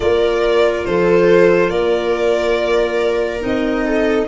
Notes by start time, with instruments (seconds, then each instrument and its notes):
0.00 tuba A#3, clarinet F4, viola A#4, violin D5
0.85 tuba F3, viola A4, violin C5
1.69 tuba A#3, viola A#4, violin D5
3.40 tuba C4, clarinet D#4, violin D#5
3.85 viola A4